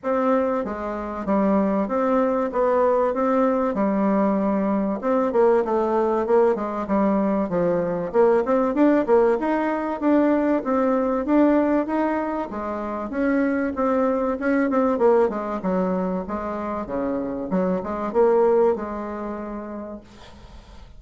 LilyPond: \new Staff \with { instrumentName = "bassoon" } { \time 4/4 \tempo 4 = 96 c'4 gis4 g4 c'4 | b4 c'4 g2 | c'8 ais8 a4 ais8 gis8 g4 | f4 ais8 c'8 d'8 ais8 dis'4 |
d'4 c'4 d'4 dis'4 | gis4 cis'4 c'4 cis'8 c'8 | ais8 gis8 fis4 gis4 cis4 | fis8 gis8 ais4 gis2 | }